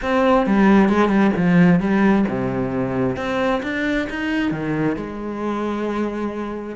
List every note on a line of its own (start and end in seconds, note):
0.01 0.46 C4
0.46 0.89 G3
0.89 1.08 G#3
1.08 1.31 G3
1.36 1.80 F3
1.80 2.25 G3
2.28 3.16 C3
3.16 3.61 C4
3.63 4.08 D4
4.09 4.51 D#4
4.51 4.96 D#3
4.96 6.75 G#3